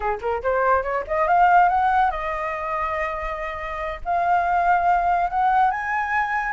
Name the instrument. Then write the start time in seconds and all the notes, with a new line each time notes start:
flute
0.00 G#4
0.21 A#4
0.42 C5
0.82 C#5
1.07 D#5
1.27 F5
1.68 F#5
2.10 D#5
4.04 F5
5.30 F#5
5.70 G#5